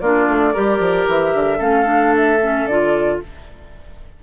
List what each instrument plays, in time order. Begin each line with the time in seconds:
0.00 bassoon A#3, clarinet D4, oboe F4, flute D5
0.27 bassoon A3
0.53 bassoon G3, clarinet G4, oboe A#4
0.79 bassoon F3
1.07 bassoon E3, flute E5
1.34 bassoon D3
1.58 bassoon A3, clarinet C#4, oboe A4, flute F5
1.85 clarinet D4
2.16 flute E5
2.42 clarinet C#4
2.66 bassoon D3, clarinet F4, flute D5